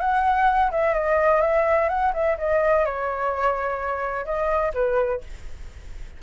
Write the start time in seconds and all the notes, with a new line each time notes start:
0.00 F#5
0.71 E5
0.94 D#5
1.41 E5
1.89 F#5
2.13 E5
2.38 D#5
2.85 C#5
4.25 D#5
4.74 B4